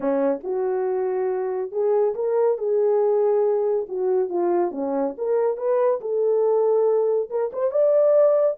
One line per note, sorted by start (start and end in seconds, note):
0.00 0.41 C#4
0.43 1.71 F#4
1.71 2.14 G#4
2.14 2.57 A#4
2.57 3.86 G#4
3.88 4.29 F#4
4.29 4.71 F4
4.71 5.14 C#4
5.17 5.57 A#4
5.57 6.00 B4
6.01 7.29 A4
7.30 7.51 A#4
7.52 7.71 C5
7.71 8.57 D5